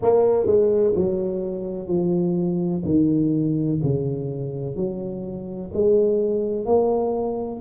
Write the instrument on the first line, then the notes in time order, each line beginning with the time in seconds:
tuba
0.02 A#3
0.46 G#3
0.95 F#3
1.87 F3
2.84 D#3
3.83 C#3
4.76 F#3
5.73 G#3
6.65 A#3